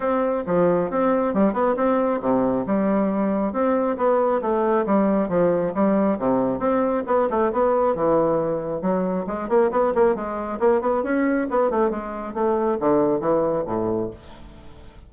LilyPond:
\new Staff \with { instrumentName = "bassoon" } { \time 4/4 \tempo 4 = 136 c'4 f4 c'4 g8 b8 | c'4 c4 g2 | c'4 b4 a4 g4 | f4 g4 c4 c'4 |
b8 a8 b4 e2 | fis4 gis8 ais8 b8 ais8 gis4 | ais8 b8 cis'4 b8 a8 gis4 | a4 d4 e4 a,4 | }